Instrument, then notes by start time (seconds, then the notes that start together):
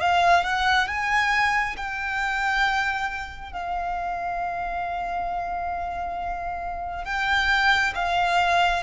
violin
0.00 F5
0.43 F#5
0.87 G#5
1.76 G5
3.52 F5
7.04 G5
7.94 F5